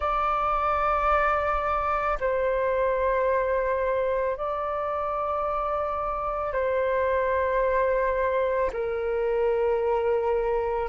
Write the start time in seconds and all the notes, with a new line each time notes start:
0.00 D5
2.20 C5
4.36 D5
6.52 C5
8.73 A#4